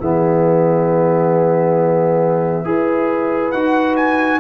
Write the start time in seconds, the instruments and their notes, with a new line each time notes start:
0.00 tuba E3, trombone B3, horn G#4, trumpet E5
2.65 tuba E4, trombone G#4, horn B4
3.51 tuba D#4, trombone F#4, trumpet F#5
3.97 trumpet G#5